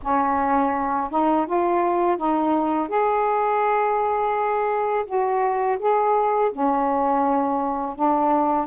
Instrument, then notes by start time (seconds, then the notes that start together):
saxophone
0.02 C#4
1.10 D#4
1.46 F4
2.17 D#4
2.88 G#4
5.06 F#4
5.79 G#4
6.52 C#4
7.95 D4